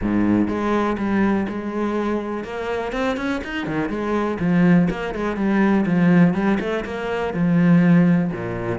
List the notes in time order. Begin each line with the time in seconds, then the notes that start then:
0.01 G#2
0.48 G#3
0.98 G3
1.49 G#3
2.43 A#3
2.92 C4
3.16 C#4
3.43 D#4
3.66 D#3
3.89 G#3
4.39 F3
4.90 A#3
5.14 G#3
5.36 G3
5.85 F3
6.33 G3
6.59 A3
6.84 A#3
7.33 F3
8.31 A#2